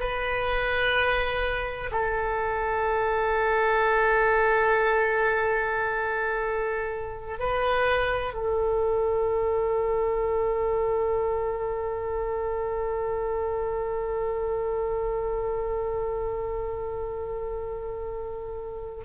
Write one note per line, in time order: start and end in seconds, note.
0.00 1.90 B4
1.92 7.39 A4
7.39 8.34 B4
8.34 19.05 A4